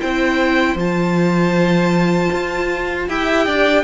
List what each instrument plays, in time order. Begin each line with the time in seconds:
0.00 cello C4, viola E4, violin C5 G5
0.75 cello F3, viola F4, violin A5
2.33 cello F4
3.08 cello E4, viola G4, violin E5 G5
3.46 cello D4, violin D5